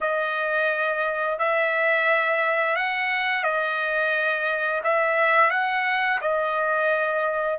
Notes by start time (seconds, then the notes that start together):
0.00 D#5
1.38 E5
2.76 F#5
3.43 D#5
4.83 E5
5.50 F#5
6.21 D#5